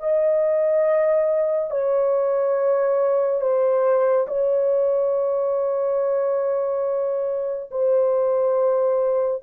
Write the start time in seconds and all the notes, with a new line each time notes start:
0.00 D#5
1.71 C#5
3.42 C5
4.28 C#5
7.71 C5